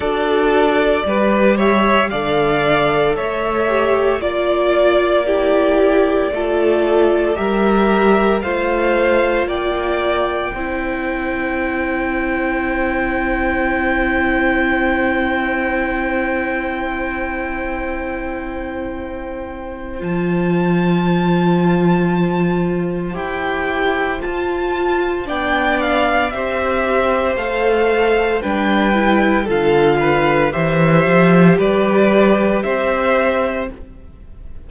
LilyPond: <<
  \new Staff \with { instrumentName = "violin" } { \time 4/4 \tempo 4 = 57 d''4. e''8 f''4 e''4 | d''2. e''4 | f''4 g''2.~ | g''1~ |
g''2. a''4~ | a''2 g''4 a''4 | g''8 f''8 e''4 f''4 g''4 | f''4 e''4 d''4 e''4 | }
  \new Staff \with { instrumentName = "violin" } { \time 4/4 a'4 b'8 cis''8 d''4 cis''4 | d''4 g'4 a'4 ais'4 | c''4 d''4 c''2~ | c''1~ |
c''1~ | c''1 | d''4 c''2 b'4 | a'8 b'8 c''4 b'4 c''4 | }
  \new Staff \with { instrumentName = "viola" } { \time 4/4 fis'4 g'4 a'4. g'8 | f'4 e'4 f'4 g'4 | f'2 e'2~ | e'1~ |
e'2. f'4~ | f'2 g'4 f'4 | d'4 g'4 a'4 d'8 e'8 | f'4 g'2. | }
  \new Staff \with { instrumentName = "cello" } { \time 4/4 d'4 g4 d4 a4 | ais2 a4 g4 | a4 ais4 c'2~ | c'1~ |
c'2. f4~ | f2 e'4 f'4 | b4 c'4 a4 g4 | d4 e8 f8 g4 c'4 | }
>>